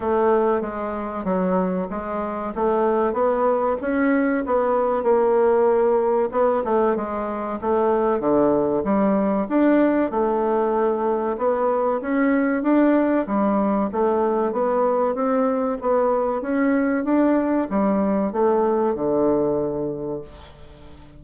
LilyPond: \new Staff \with { instrumentName = "bassoon" } { \time 4/4 \tempo 4 = 95 a4 gis4 fis4 gis4 | a4 b4 cis'4 b4 | ais2 b8 a8 gis4 | a4 d4 g4 d'4 |
a2 b4 cis'4 | d'4 g4 a4 b4 | c'4 b4 cis'4 d'4 | g4 a4 d2 | }